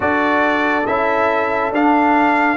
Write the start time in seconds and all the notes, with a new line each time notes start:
0.00 D4 F#4 A4 D5
0.86 C#4 E4 E5
1.70 D4 F5